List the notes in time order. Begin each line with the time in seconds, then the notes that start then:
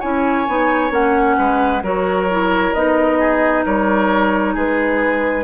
0.00 C#4 E4 C#5 G#5
0.48 B3 D#4
0.91 A#3 C#4 F#5
1.38 G#3 B4
1.83 F#3 F#4 A#4 C#5
2.31 E4
2.73 B3 D#4 D#5
3.19 G#4
3.65 G3 A#4 C#5
4.54 G#3 G#4 B4